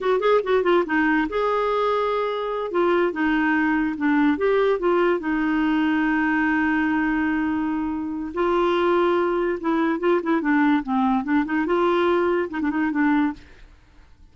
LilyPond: \new Staff \with { instrumentName = "clarinet" } { \time 4/4 \tempo 4 = 144 fis'8 gis'8 fis'8 f'8 dis'4 gis'4~ | gis'2~ gis'8 f'4 dis'8~ | dis'4. d'4 g'4 f'8~ | f'8 dis'2.~ dis'8~ |
dis'1 | f'2. e'4 | f'8 e'8 d'4 c'4 d'8 dis'8 | f'2 dis'16 d'16 dis'8 d'4 | }